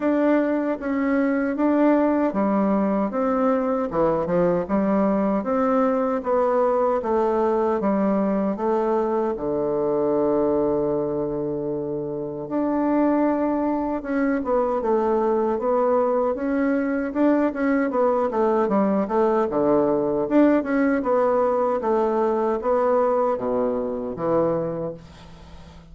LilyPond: \new Staff \with { instrumentName = "bassoon" } { \time 4/4 \tempo 4 = 77 d'4 cis'4 d'4 g4 | c'4 e8 f8 g4 c'4 | b4 a4 g4 a4 | d1 |
d'2 cis'8 b8 a4 | b4 cis'4 d'8 cis'8 b8 a8 | g8 a8 d4 d'8 cis'8 b4 | a4 b4 b,4 e4 | }